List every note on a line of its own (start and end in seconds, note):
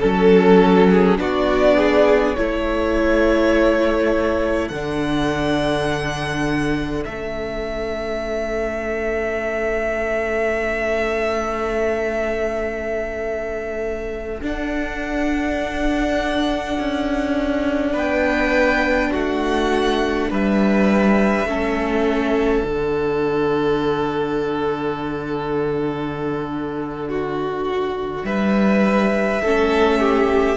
0.00 1.18 F#3
0.00 1.19 C#4
0.00 0.88 A4
0.00 1.18 A4
0.90 1.20 G#4
1.18 2.36 B3
1.18 2.36 D4
1.18 1.77 F#4
1.18 2.36 D5
1.77 2.36 G#4
2.36 4.70 A3
2.36 4.73 E4
2.36 17.93 A4
2.36 4.69 C#5
4.69 7.06 D3
4.69 7.09 D4
4.69 7.04 F#5
7.05 14.42 A3
7.05 14.42 C#4
7.05 14.40 E5
14.42 21.48 D4
14.42 16.78 D4
14.42 17.98 F#5
16.80 17.94 C#4
17.93 19.12 B3
17.93 19.11 B4
17.93 19.13 G5
19.11 20.31 A3
19.11 20.29 F#4
19.11 20.31 F#5
20.30 21.46 G3
20.30 21.48 B4
20.30 22.68 E5
21.46 22.63 A3
21.46 22.64 C#4
21.46 27.09 A4
22.64 28.23 D3
22.64 29.41 D4
22.64 28.25 F#5
27.09 28.26 F#4
28.25 29.42 G3
28.25 29.42 B4
28.25 30.57 E5
29.42 30.57 A3
29.42 30.57 C#4
29.42 30.00 A4
30.00 30.57 G4